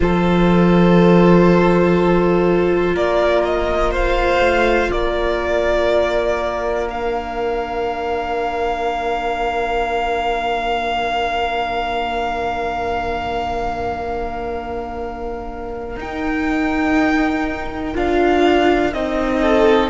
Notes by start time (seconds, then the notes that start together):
0.00 F3 F4 A4 C5
2.93 A#3 A#4 D5
3.44 D#5
3.90 C5 F5
4.40 A3
4.91 A#3 A#4 D5
6.87 D4 F5
15.96 D#4 G5
17.93 D4 F4 F5
18.93 C4 D#4 D#5
19.41 A4